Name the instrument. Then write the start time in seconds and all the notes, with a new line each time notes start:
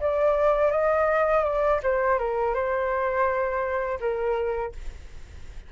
flute
0.00 D5
0.71 D#5
1.44 D5
1.83 C5
2.19 A#4
2.54 C5
4.00 A#4